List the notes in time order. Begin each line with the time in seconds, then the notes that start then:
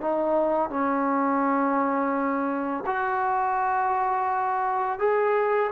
0.00 D#4
0.69 C#4
2.86 F#4
4.99 G#4